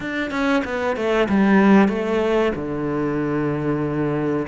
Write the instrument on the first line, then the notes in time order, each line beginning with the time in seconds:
cello
0.00 D4
0.30 C#4
0.64 B3
0.96 A3
1.29 G3
1.88 A3
2.55 D3